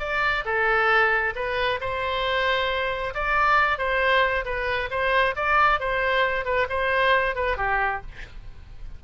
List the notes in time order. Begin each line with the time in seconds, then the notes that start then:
0.00 D5
0.45 A4
1.36 B4
1.81 C5
3.15 D5
3.79 C5
4.45 B4
4.91 C5
5.36 D5
5.80 C5
6.45 B4
6.70 C5
7.36 B4
7.57 G4